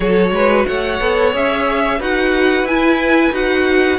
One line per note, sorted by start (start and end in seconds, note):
0.00 0.31 F#3
0.00 1.00 F#4
0.00 0.31 A4
0.00 0.65 C#5
0.31 0.65 G#3
0.31 0.67 B4
0.66 1.00 A3
0.66 1.98 C#5
0.66 1.32 F#5
1.00 1.33 B3
1.00 1.33 A4
1.33 1.99 C#4
1.33 1.99 G#4
1.33 2.01 E5
1.98 2.63 D#4
1.98 2.67 F#4
1.98 3.98 B4
1.98 2.67 F#5
2.63 3.30 E4
2.63 3.32 E4
2.63 3.33 G#5
3.31 3.98 D#4
3.31 3.98 F#4
3.31 3.98 F#5